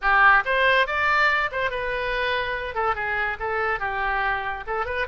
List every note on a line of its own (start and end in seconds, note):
0.01 0.43 G4
0.45 0.87 C5
0.87 1.50 D5
1.51 1.70 C5
1.70 2.75 B4
2.75 2.95 A4
2.95 3.37 G#4
3.39 3.79 A4
3.79 4.64 G4
4.67 4.85 A4
4.85 5.06 B4